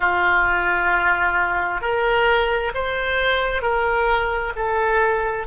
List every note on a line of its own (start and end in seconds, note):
0.00 1.81 F4
1.81 2.71 A#4
2.74 3.62 C5
3.62 4.52 A#4
4.55 5.46 A4